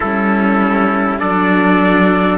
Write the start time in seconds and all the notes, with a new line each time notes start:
0.00 G3 C#4 E4 A4
1.19 F#3 D4 A4 D5